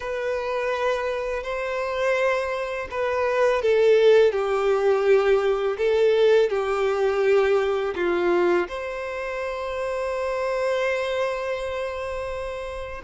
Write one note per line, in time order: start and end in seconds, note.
0.00 1.43 B4
1.43 2.88 C5
2.90 3.61 B4
3.61 4.32 A4
4.32 5.76 G4
5.77 6.49 A4
6.49 7.94 G4
7.95 8.67 F4
8.68 13.02 C5